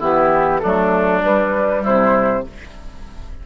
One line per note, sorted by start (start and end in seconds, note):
0.00 0.62 E3
0.00 0.61 B3
0.00 0.61 E4
0.00 0.60 G4
0.60 1.24 F#3
0.60 1.21 A3
0.60 1.83 D4
0.60 1.20 A4
1.21 2.43 G3
1.21 1.85 G3
1.21 1.84 B4
1.83 2.47 C3
1.83 2.43 E4
1.83 2.46 C5